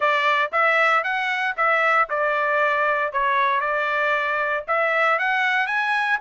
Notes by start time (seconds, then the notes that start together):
0.00 D5
0.51 E5
1.03 F#5
1.57 E5
2.09 D5
3.12 C#5
3.60 D5
4.67 E5
5.18 F#5
5.67 G#5